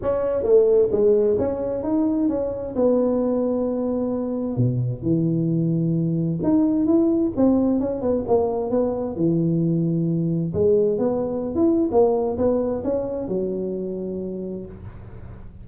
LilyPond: \new Staff \with { instrumentName = "tuba" } { \time 4/4 \tempo 4 = 131 cis'4 a4 gis4 cis'4 | dis'4 cis'4 b2~ | b2 b,4 e4~ | e2 dis'4 e'4 |
c'4 cis'8 b8 ais4 b4 | e2. gis4 | b4~ b16 e'8. ais4 b4 | cis'4 fis2. | }